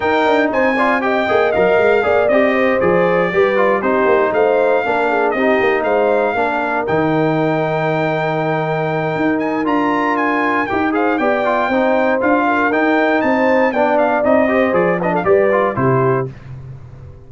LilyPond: <<
  \new Staff \with { instrumentName = "trumpet" } { \time 4/4 \tempo 4 = 118 g''4 gis''4 g''4 f''4~ | f''8 dis''4 d''2 c''8~ | c''8 f''2 dis''4 f''8~ | f''4. g''2~ g''8~ |
g''2~ g''8 gis''8 ais''4 | gis''4 g''8 f''8 g''2 | f''4 g''4 a''4 g''8 f''8 | dis''4 d''8 dis''16 f''16 d''4 c''4 | }
  \new Staff \with { instrumentName = "horn" } { \time 4/4 ais'4 c''8 d''8 dis''2 | d''4 c''4. b'4 g'8~ | g'8 c''4 ais'8 gis'8 g'4 c''8~ | c''8 ais'2.~ ais'8~ |
ais'1~ | ais'4. c''8 d''4 c''4~ | c''8 ais'4. c''4 d''4~ | d''8 c''4 b'16 a'16 b'4 g'4 | }
  \new Staff \with { instrumentName = "trombone" } { \time 4/4 dis'4. f'8 g'8 gis'8 ais'4 | gis'8 g'4 gis'4 g'8 f'8 dis'8~ | dis'4. d'4 dis'4.~ | dis'8 d'4 dis'2~ dis'8~ |
dis'2. f'4~ | f'4 g'8 gis'8 g'8 f'8 dis'4 | f'4 dis'2 d'4 | dis'8 g'8 gis'8 d'8 g'8 f'8 e'4 | }
  \new Staff \with { instrumentName = "tuba" } { \time 4/4 dis'8 d'8 c'4. ais8 fis8 gis8 | ais8 c'4 f4 g4 c'8 | ais8 a4 ais4 c'8 ais8 gis8~ | gis8 ais4 dis2~ dis8~ |
dis2 dis'4 d'4~ | d'4 dis'4 b4 c'4 | d'4 dis'4 c'4 b4 | c'4 f4 g4 c4 | }
>>